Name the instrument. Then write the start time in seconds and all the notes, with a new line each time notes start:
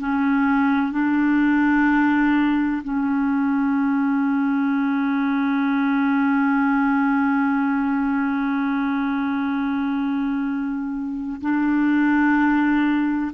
clarinet
0.00 C#4
0.92 D4
2.84 C#4
11.41 D4